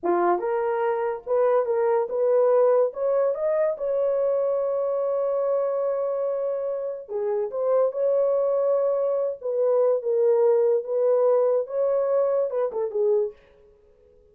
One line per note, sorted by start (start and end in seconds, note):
0.03 0.39 F4
0.39 1.22 A#4
1.26 1.65 B4
1.65 2.07 A#4
2.09 2.92 B4
2.93 3.34 C#5
3.34 3.76 D#5
3.77 7.08 C#5
7.08 7.50 G#4
7.51 7.91 C5
7.91 9.37 C#5
9.41 10.02 B4
10.02 10.84 A#4
10.84 11.67 B4
11.67 12.50 C#5
12.50 12.71 B4
12.72 12.90 A4
12.90 13.32 G#4